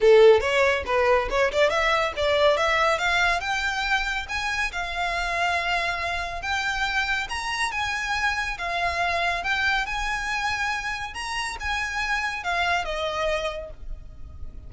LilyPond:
\new Staff \with { instrumentName = "violin" } { \time 4/4 \tempo 4 = 140 a'4 cis''4 b'4 cis''8 d''8 | e''4 d''4 e''4 f''4 | g''2 gis''4 f''4~ | f''2. g''4~ |
g''4 ais''4 gis''2 | f''2 g''4 gis''4~ | gis''2 ais''4 gis''4~ | gis''4 f''4 dis''2 | }